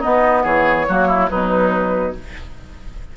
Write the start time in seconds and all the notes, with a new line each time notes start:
0.00 B3 D#4 D#5
0.43 E3 G#4 C#5
0.88 F#3 A#3 F#4
1.08 E4
1.29 B2 F#3 D#4 B4